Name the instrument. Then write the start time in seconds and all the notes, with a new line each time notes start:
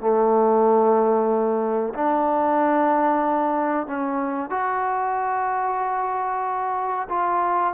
trombone
0.00 A3
1.94 D4
3.87 C#4
4.50 F#4
7.09 F4